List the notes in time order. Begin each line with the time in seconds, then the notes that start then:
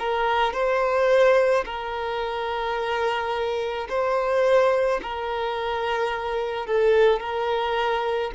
0.00 A#4
0.54 C5
1.66 A#4
3.90 C5
5.03 A#4
6.67 A4
7.21 A#4